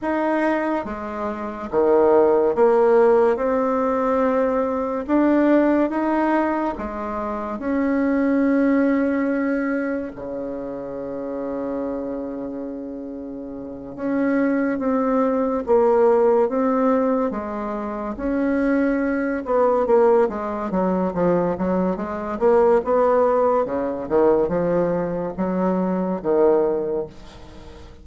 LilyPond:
\new Staff \with { instrumentName = "bassoon" } { \time 4/4 \tempo 4 = 71 dis'4 gis4 dis4 ais4 | c'2 d'4 dis'4 | gis4 cis'2. | cis1~ |
cis8 cis'4 c'4 ais4 c'8~ | c'8 gis4 cis'4. b8 ais8 | gis8 fis8 f8 fis8 gis8 ais8 b4 | cis8 dis8 f4 fis4 dis4 | }